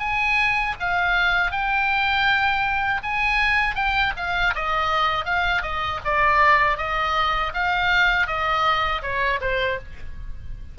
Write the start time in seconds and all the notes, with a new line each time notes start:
0.00 G#5
0.80 F5
1.52 G5
3.03 G#5
3.76 G5
4.17 F5
4.55 D#5
5.25 F5
5.62 D#5
6.05 D5
6.78 D#5
7.54 F5
8.27 D#5
9.03 C#5
9.42 C5